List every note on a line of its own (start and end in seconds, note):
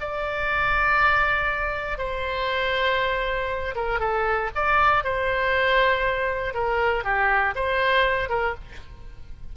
0.00 1.98 D5
1.98 3.74 C5
3.75 3.99 A#4
3.99 4.50 A4
4.55 5.04 D5
5.04 6.54 C5
6.54 7.04 A#4
7.04 7.54 G4
7.55 8.29 C5
8.29 8.54 A#4